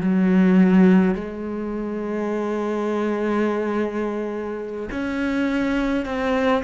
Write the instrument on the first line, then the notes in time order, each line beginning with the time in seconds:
cello
0.00 F#3
1.14 G#3
4.90 C#4
6.05 C4